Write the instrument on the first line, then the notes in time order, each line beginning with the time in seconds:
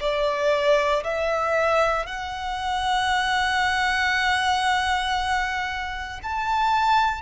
violin
0.00 D5
1.04 E5
2.06 F#5
6.23 A5